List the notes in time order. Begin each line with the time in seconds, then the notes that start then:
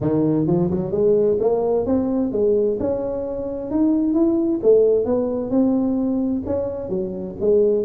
0.00 D#3
0.47 F3
0.70 F#3
0.91 G#3
1.40 A#3
1.86 C4
2.31 G#3
2.79 C#4
3.70 D#4
4.13 E4
4.62 A3
5.05 B3
5.50 C4
6.46 C#4
6.89 F#3
7.40 G#3